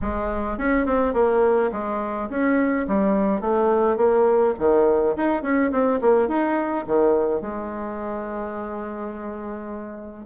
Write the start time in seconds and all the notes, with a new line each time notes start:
0.01 G#3
0.58 C#4
0.86 C4
1.13 A#3
1.72 G#3
2.29 C#4
2.87 G3
3.41 A3
3.96 A#3
4.59 D#3
5.16 D#4
5.42 C#4
5.71 C4
6.01 A#3
6.28 D#4
6.86 D#3
7.41 G#3